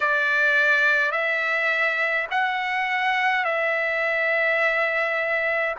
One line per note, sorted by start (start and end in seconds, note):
0.00 1.11 D5
1.11 2.27 E5
2.31 3.44 F#5
3.44 5.75 E5